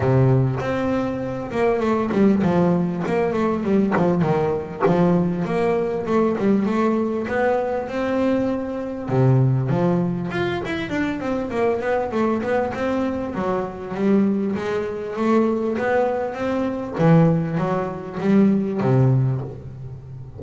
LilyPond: \new Staff \with { instrumentName = "double bass" } { \time 4/4 \tempo 4 = 99 c4 c'4. ais8 a8 g8 | f4 ais8 a8 g8 f8 dis4 | f4 ais4 a8 g8 a4 | b4 c'2 c4 |
f4 f'8 e'8 d'8 c'8 ais8 b8 | a8 b8 c'4 fis4 g4 | gis4 a4 b4 c'4 | e4 fis4 g4 c4 | }